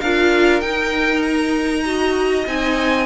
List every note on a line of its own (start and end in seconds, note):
0.00 0.61 D4
0.00 0.62 F4
0.00 1.84 A#4
0.00 0.60 F5
0.60 2.45 D#4
0.60 1.84 D#4
0.60 1.22 G5
1.22 2.45 A#5
1.85 2.46 F#4
1.85 3.06 D#5
2.46 3.06 C4
2.46 3.06 D#4
2.46 3.06 G#5